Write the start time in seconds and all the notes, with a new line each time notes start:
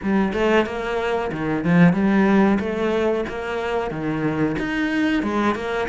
0.02 G3
0.33 A3
0.66 A#3
1.32 D#3
1.64 F3
1.93 G3
2.59 A3
3.28 A#3
3.90 D#3
4.58 D#4
5.22 G#3
5.55 A#3